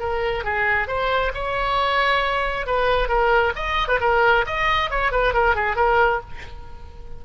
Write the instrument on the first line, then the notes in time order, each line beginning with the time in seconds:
oboe
0.00 A#4
0.44 G#4
0.88 C5
1.35 C#5
2.67 B4
3.09 A#4
3.56 D#5
3.88 B4
4.01 A#4
4.47 D#5
4.91 C#5
5.12 B4
5.34 A#4
5.56 G#4
5.77 A#4